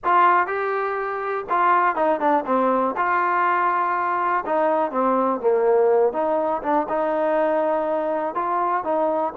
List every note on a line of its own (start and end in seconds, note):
0.04 0.46 F4
0.46 1.45 G4
1.49 1.95 F4
1.95 2.20 D#4
2.20 2.44 D4
2.46 2.95 C4
2.96 4.44 F4
4.45 4.91 D#4
4.91 5.40 C4
5.40 6.12 A#3
6.12 6.61 D#4
6.62 6.87 D4
6.88 8.35 D#4
8.35 8.84 F4
8.84 9.33 D#4